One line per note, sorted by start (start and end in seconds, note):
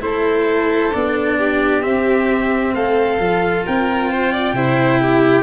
0.00 0.92 A3
0.00 0.91 E4
0.00 1.37 A4
0.00 0.93 C5
0.93 1.85 B3
0.93 1.82 D4
0.93 1.83 D5
1.37 2.74 G4
1.82 3.18 C4
1.82 2.74 C4
1.82 2.73 E5
2.74 3.19 A3
2.74 3.65 A4
2.74 3.65 F5
3.19 3.64 F3
3.19 4.55 F4
3.66 4.53 C4
3.66 4.10 A#4
3.66 5.42 G5
4.10 4.32 C5
4.32 4.55 D5
4.53 5.42 C3
4.53 5.42 E4
4.53 5.00 C5
5.01 5.42 G4